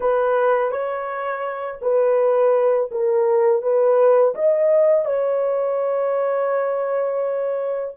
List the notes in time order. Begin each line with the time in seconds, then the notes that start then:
0.00 B4
0.71 C#5
1.81 B4
2.91 A#4
3.61 B4
4.34 D#5
5.05 C#5